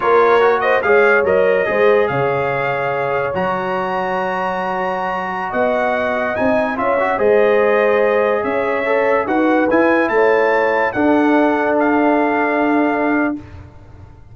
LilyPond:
<<
  \new Staff \with { instrumentName = "trumpet" } { \time 4/4 \tempo 4 = 144 cis''4. dis''8 f''4 dis''4~ | dis''4 f''2. | ais''1~ | ais''4~ ais''16 fis''2 gis''8.~ |
gis''16 e''4 dis''2~ dis''8.~ | dis''16 e''2 fis''4 gis''8.~ | gis''16 a''2 fis''4.~ fis''16~ | fis''16 f''2.~ f''8. | }
  \new Staff \with { instrumentName = "horn" } { \time 4/4 ais'4. c''8 cis''2 | c''4 cis''2.~ | cis''1~ | cis''4~ cis''16 dis''2~ dis''8.~ |
dis''16 cis''4 c''2~ c''8.~ | c''16 cis''2 b'4.~ b'16~ | b'16 cis''2 a'4.~ a'16~ | a'1 | }
  \new Staff \with { instrumentName = "trombone" } { \time 4/4 f'4 fis'4 gis'4 ais'4 | gis'1 | fis'1~ | fis'2.~ fis'16 dis'8.~ |
dis'16 f'8 fis'8 gis'2~ gis'8.~ | gis'4~ gis'16 a'4 fis'4 e'8.~ | e'2~ e'16 d'4.~ d'16~ | d'1 | }
  \new Staff \with { instrumentName = "tuba" } { \time 4/4 ais2 gis4 fis4 | gis4 cis2. | fis1~ | fis4~ fis16 b2 c'8.~ |
c'16 cis'4 gis2~ gis8.~ | gis16 cis'2 dis'4 e'8.~ | e'16 a2 d'4.~ d'16~ | d'1 | }
>>